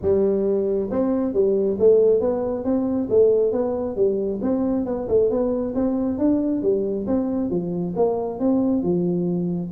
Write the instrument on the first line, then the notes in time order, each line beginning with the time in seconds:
tuba
0.01 G3
0.90 C4
1.33 G3
1.79 A3
2.20 B3
2.64 C4
3.09 A3
3.52 B3
3.96 G3
4.42 C4
4.85 B3
5.08 A3
5.30 B3
5.74 C4
6.18 D4
6.62 G3
7.06 C4
7.49 F3
7.95 A#3
8.39 C4
8.83 F3